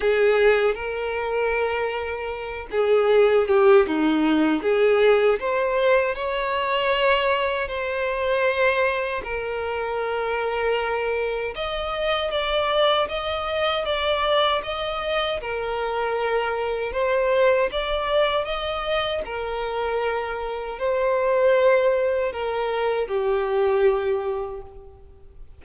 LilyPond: \new Staff \with { instrumentName = "violin" } { \time 4/4 \tempo 4 = 78 gis'4 ais'2~ ais'8 gis'8~ | gis'8 g'8 dis'4 gis'4 c''4 | cis''2 c''2 | ais'2. dis''4 |
d''4 dis''4 d''4 dis''4 | ais'2 c''4 d''4 | dis''4 ais'2 c''4~ | c''4 ais'4 g'2 | }